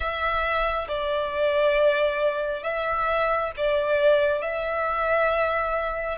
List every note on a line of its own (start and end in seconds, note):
0.00 0.87 E5
0.88 2.63 D5
2.63 3.51 E5
3.57 4.42 D5
4.42 6.18 E5